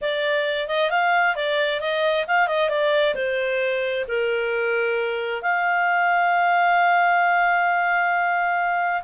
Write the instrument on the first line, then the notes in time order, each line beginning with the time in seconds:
clarinet
0.01 D5
0.67 D#5
0.90 F5
1.35 D5
1.80 D#5
2.27 F5
2.47 D#5
2.69 D5
3.15 C5
4.08 A#4
5.42 F5